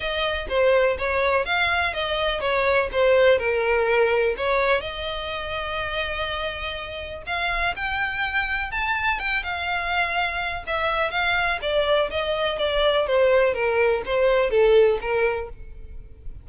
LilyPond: \new Staff \with { instrumentName = "violin" } { \time 4/4 \tempo 4 = 124 dis''4 c''4 cis''4 f''4 | dis''4 cis''4 c''4 ais'4~ | ais'4 cis''4 dis''2~ | dis''2. f''4 |
g''2 a''4 g''8 f''8~ | f''2 e''4 f''4 | d''4 dis''4 d''4 c''4 | ais'4 c''4 a'4 ais'4 | }